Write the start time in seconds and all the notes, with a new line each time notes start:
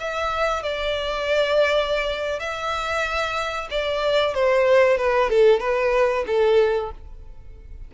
0.00 E5
0.63 D5
2.40 E5
3.71 D5
4.35 C5
4.98 B4
5.30 A4
5.60 B4
6.27 A4